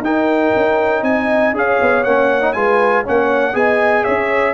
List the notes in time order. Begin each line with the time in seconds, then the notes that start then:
0.00 D#4 A#4 G5
0.55 C#4
1.02 C4 D#5 G#5
1.52 C#4 G#4 C#5 F5
1.81 B3
2.03 A#3 C#4 F#5
2.41 D#4
2.53 G#3 F4 B4 G#5
3.03 A#3 C#4 C#5 F#5
3.53 B3 G#4 D#5 G#5
4.03 C#4 C#5 E5